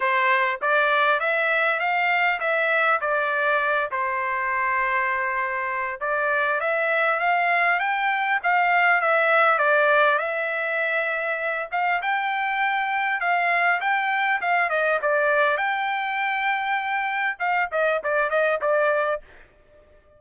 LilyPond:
\new Staff \with { instrumentName = "trumpet" } { \time 4/4 \tempo 4 = 100 c''4 d''4 e''4 f''4 | e''4 d''4. c''4.~ | c''2 d''4 e''4 | f''4 g''4 f''4 e''4 |
d''4 e''2~ e''8 f''8 | g''2 f''4 g''4 | f''8 dis''8 d''4 g''2~ | g''4 f''8 dis''8 d''8 dis''8 d''4 | }